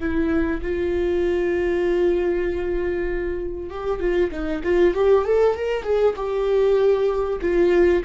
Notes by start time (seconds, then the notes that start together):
0.00 E4
0.63 F4
3.70 G4
4.00 F4
4.32 D#4
4.64 F4
4.95 G4
5.25 A4
5.56 A#4
5.84 G#4
6.16 G4
7.42 F4